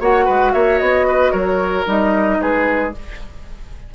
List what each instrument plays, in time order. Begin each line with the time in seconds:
0.00 bassoon A#3, clarinet F#4, oboe C#5, flute F#5
0.25 bassoon G#3, oboe B4
0.53 bassoon A#3, oboe C#5, flute E5
0.79 bassoon B3, flute D#5
1.08 oboe B4
1.32 bassoon F#3, oboe A#4, flute C#5
1.86 bassoon G3, clarinet D#4, flute D#5
2.41 bassoon G#3, oboe G#4, flute B4